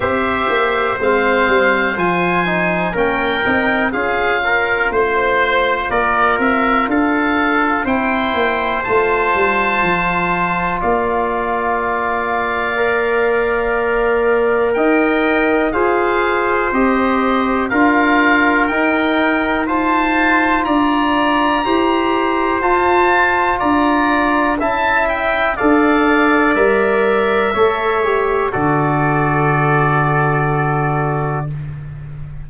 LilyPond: <<
  \new Staff \with { instrumentName = "oboe" } { \time 4/4 \tempo 4 = 61 e''4 f''4 gis''4 g''4 | f''4 c''4 d''8 e''8 f''4 | g''4 a''2 f''4~ | f''2. g''4 |
f''4 dis''4 f''4 g''4 | a''4 ais''2 a''4 | ais''4 a''8 g''8 f''4 e''4~ | e''4 d''2. | }
  \new Staff \with { instrumentName = "trumpet" } { \time 4/4 c''2. ais'4 | gis'8 ais'8 c''4 ais'4 a'4 | c''2. d''4~ | d''2. dis''4 |
c''2 ais'2 | c''4 d''4 c''2 | d''4 e''4 d''2 | cis''4 a'2. | }
  \new Staff \with { instrumentName = "trombone" } { \time 4/4 g'4 c'4 f'8 dis'8 cis'8 dis'8 | f'1 | e'4 f'2.~ | f'4 ais'2. |
gis'4 g'4 f'4 dis'4 | f'2 g'4 f'4~ | f'4 e'4 a'4 ais'4 | a'8 g'8 fis'2. | }
  \new Staff \with { instrumentName = "tuba" } { \time 4/4 c'8 ais8 gis8 g8 f4 ais8 c'8 | cis'4 a4 ais8 c'8 d'4 | c'8 ais8 a8 g8 f4 ais4~ | ais2. dis'4 |
f'4 c'4 d'4 dis'4~ | dis'4 d'4 e'4 f'4 | d'4 cis'4 d'4 g4 | a4 d2. | }
>>